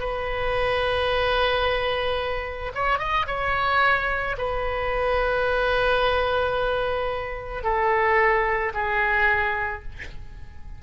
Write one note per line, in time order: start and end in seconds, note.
0.00 2.73 B4
2.75 2.99 C#5
2.99 3.26 D#5
3.28 4.37 C#5
4.38 7.64 B4
7.64 8.73 A4
8.74 9.83 G#4